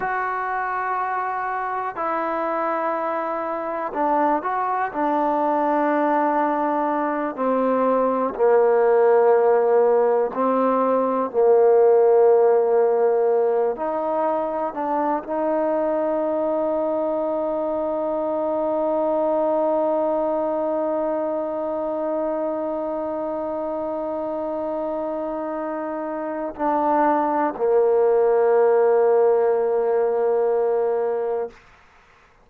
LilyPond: \new Staff \with { instrumentName = "trombone" } { \time 4/4 \tempo 4 = 61 fis'2 e'2 | d'8 fis'8 d'2~ d'8 c'8~ | c'8 ais2 c'4 ais8~ | ais2 dis'4 d'8 dis'8~ |
dis'1~ | dis'1~ | dis'2. d'4 | ais1 | }